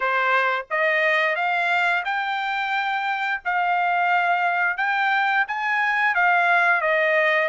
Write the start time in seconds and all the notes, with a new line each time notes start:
0.00 C5
0.70 D#5
1.35 F5
2.05 G5
3.44 F5
4.77 G5
5.47 G#5
6.14 F5
6.81 D#5